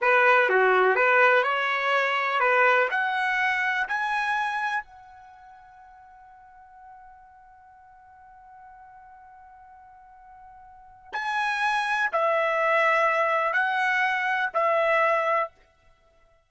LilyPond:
\new Staff \with { instrumentName = "trumpet" } { \time 4/4 \tempo 4 = 124 b'4 fis'4 b'4 cis''4~ | cis''4 b'4 fis''2 | gis''2 fis''2~ | fis''1~ |
fis''1~ | fis''2. gis''4~ | gis''4 e''2. | fis''2 e''2 | }